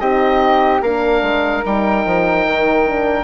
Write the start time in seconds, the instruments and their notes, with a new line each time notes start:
0.00 bassoon C4, horn D#4, flute G4, oboe D#5
0.82 bassoon A#3, horn D4, flute A#4, oboe F5
1.22 bassoon G#3
1.64 bassoon G3, horn D#4, oboe G5
2.06 bassoon F3
2.47 bassoon D#3
2.86 horn D4